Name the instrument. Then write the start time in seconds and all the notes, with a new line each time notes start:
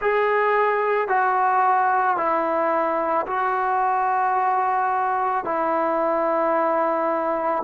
trombone
0.00 G#4
1.08 F#4
2.16 E4
3.26 F#4
5.44 E4